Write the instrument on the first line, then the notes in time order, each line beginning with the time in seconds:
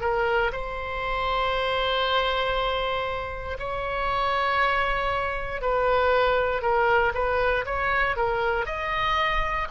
oboe
0.00 A#4
0.52 C5
3.59 C#5
5.61 B4
6.61 A#4
7.14 B4
7.65 C#5
8.16 A#4
8.66 D#5